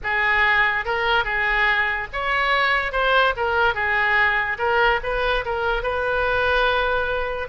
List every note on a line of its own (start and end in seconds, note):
0.03 0.85 G#4
0.85 1.24 A#4
1.24 2.07 G#4
2.12 2.92 C#5
2.92 3.33 C5
3.36 3.74 A#4
3.74 4.57 G#4
4.58 5.00 A#4
5.03 5.44 B4
5.45 5.82 A#4
5.82 7.48 B4